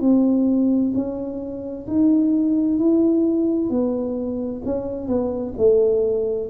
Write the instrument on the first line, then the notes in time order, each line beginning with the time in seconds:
tuba
0.00 C4
0.94 C#4
1.87 D#4
2.78 E4
3.69 B3
4.64 C#4
5.07 B3
5.57 A3